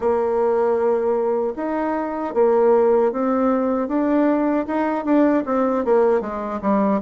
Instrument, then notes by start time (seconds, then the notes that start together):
bassoon
0.00 A#3
1.55 D#4
2.34 A#3
3.12 C4
3.87 D4
4.66 D#4
5.04 D4
5.45 C4
5.84 A#3
6.21 G#3
6.61 G3